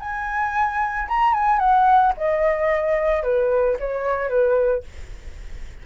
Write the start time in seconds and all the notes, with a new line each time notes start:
0.00 G#5
1.09 A#5
1.34 G#5
1.59 F#5
2.17 D#5
3.23 B4
3.80 C#5
4.29 B4